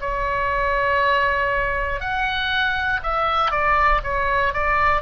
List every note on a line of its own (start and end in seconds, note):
0.00 2.00 C#5
2.00 3.00 F#5
3.03 3.51 E5
3.51 4.01 D5
4.03 4.53 C#5
4.53 5.01 D5